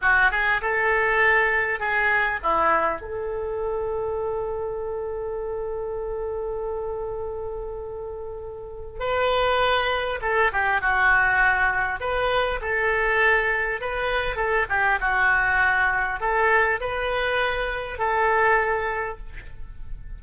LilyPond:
\new Staff \with { instrumentName = "oboe" } { \time 4/4 \tempo 4 = 100 fis'8 gis'8 a'2 gis'4 | e'4 a'2.~ | a'1~ | a'2. b'4~ |
b'4 a'8 g'8 fis'2 | b'4 a'2 b'4 | a'8 g'8 fis'2 a'4 | b'2 a'2 | }